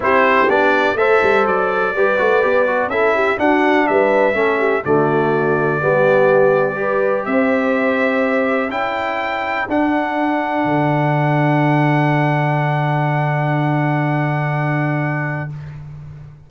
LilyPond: <<
  \new Staff \with { instrumentName = "trumpet" } { \time 4/4 \tempo 4 = 124 c''4 d''4 e''4 d''4~ | d''2 e''4 fis''4 | e''2 d''2~ | d''2. e''4~ |
e''2 g''2 | fis''1~ | fis''1~ | fis''1 | }
  \new Staff \with { instrumentName = "horn" } { \time 4/4 g'2 c''2 | b'2 a'8 g'8 fis'4 | b'4 a'8 g'8 fis'2 | g'2 b'4 c''4~ |
c''2 a'2~ | a'1~ | a'1~ | a'1 | }
  \new Staff \with { instrumentName = "trombone" } { \time 4/4 e'4 d'4 a'2 | g'8 fis'8 g'8 fis'8 e'4 d'4~ | d'4 cis'4 a2 | b2 g'2~ |
g'2 e'2 | d'1~ | d'1~ | d'1 | }
  \new Staff \with { instrumentName = "tuba" } { \time 4/4 c'4 b4 a8 g8 fis4 | g8 a8 b4 cis'4 d'4 | g4 a4 d2 | g2. c'4~ |
c'2 cis'2 | d'2 d2~ | d1~ | d1 | }
>>